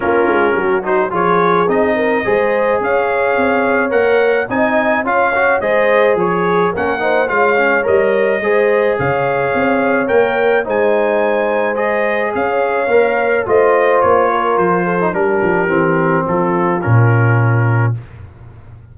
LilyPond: <<
  \new Staff \with { instrumentName = "trumpet" } { \time 4/4 \tempo 4 = 107 ais'4. c''8 cis''4 dis''4~ | dis''4 f''2 fis''4 | gis''4 f''4 dis''4 cis''4 | fis''4 f''4 dis''2 |
f''2 g''4 gis''4~ | gis''4 dis''4 f''2 | dis''4 cis''4 c''4 ais'4~ | ais'4 a'4 ais'2 | }
  \new Staff \with { instrumentName = "horn" } { \time 4/4 f'4 fis'4 gis'4. ais'8 | c''4 cis''2. | dis''4 cis''4 c''4 gis'4 | ais'8 c''8 cis''2 c''4 |
cis''2. c''4~ | c''2 cis''2 | c''4. ais'4 a'8 g'4~ | g'4 f'2. | }
  \new Staff \with { instrumentName = "trombone" } { \time 4/4 cis'4. dis'8 f'4 dis'4 | gis'2. ais'4 | dis'4 f'8 fis'8 gis'2 | cis'8 dis'8 f'8 cis'8 ais'4 gis'4~ |
gis'2 ais'4 dis'4~ | dis'4 gis'2 ais'4 | f'2~ f'8. dis'16 d'4 | c'2 cis'2 | }
  \new Staff \with { instrumentName = "tuba" } { \time 4/4 ais8 gis8 fis4 f4 c'4 | gis4 cis'4 c'4 ais4 | c'4 cis'4 gis4 f4 | ais4 gis4 g4 gis4 |
cis4 c'4 ais4 gis4~ | gis2 cis'4 ais4 | a4 ais4 f4 g8 f8 | e4 f4 ais,2 | }
>>